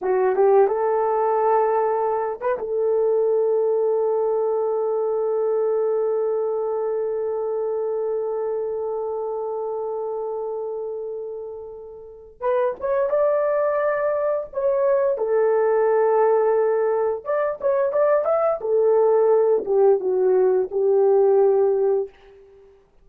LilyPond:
\new Staff \with { instrumentName = "horn" } { \time 4/4 \tempo 4 = 87 fis'8 g'8 a'2~ a'8 b'16 a'16~ | a'1~ | a'1~ | a'1~ |
a'2 b'8 cis''8 d''4~ | d''4 cis''4 a'2~ | a'4 d''8 cis''8 d''8 e''8 a'4~ | a'8 g'8 fis'4 g'2 | }